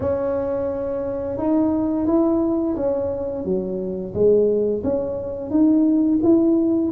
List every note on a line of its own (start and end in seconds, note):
0.00 1.37 C#4
1.37 2.06 D#4
2.06 2.75 E4
2.76 3.45 C#4
3.45 4.13 F#3
4.13 4.82 G#3
4.83 5.50 C#4
5.50 6.19 D#4
6.23 6.91 E4